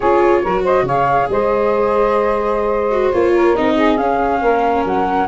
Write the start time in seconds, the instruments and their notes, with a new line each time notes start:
0.00 tuba C#4, viola F4, saxophone G#4, flute C#5
0.43 tuba F#3, viola F#4, saxophone A#4
0.63 saxophone C5, flute D#5
0.82 tuba C#3, saxophone C#5, flute F5
0.88 viola G#4
1.28 tuba G#3, saxophone C5, flute D#5
2.91 viola F#4
3.12 tuba A#3, viola F4, flute C#5
3.33 saxophone A#4
3.55 tuba C4, viola D#4, flute D#5
3.75 saxophone G#4
3.97 viola C#4, tuba C#4, flute F5
4.41 tuba A#3, saxophone A#4
4.84 tuba F#3, flute F#5